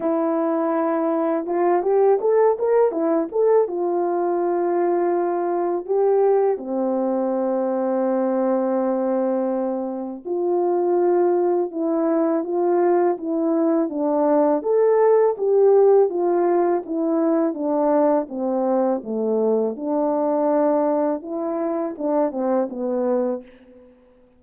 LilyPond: \new Staff \with { instrumentName = "horn" } { \time 4/4 \tempo 4 = 82 e'2 f'8 g'8 a'8 ais'8 | e'8 a'8 f'2. | g'4 c'2.~ | c'2 f'2 |
e'4 f'4 e'4 d'4 | a'4 g'4 f'4 e'4 | d'4 c'4 a4 d'4~ | d'4 e'4 d'8 c'8 b4 | }